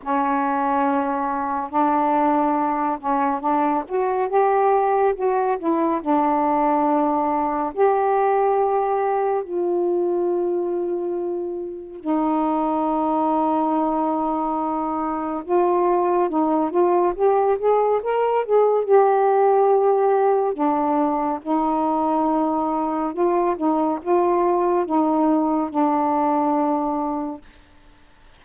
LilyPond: \new Staff \with { instrumentName = "saxophone" } { \time 4/4 \tempo 4 = 70 cis'2 d'4. cis'8 | d'8 fis'8 g'4 fis'8 e'8 d'4~ | d'4 g'2 f'4~ | f'2 dis'2~ |
dis'2 f'4 dis'8 f'8 | g'8 gis'8 ais'8 gis'8 g'2 | d'4 dis'2 f'8 dis'8 | f'4 dis'4 d'2 | }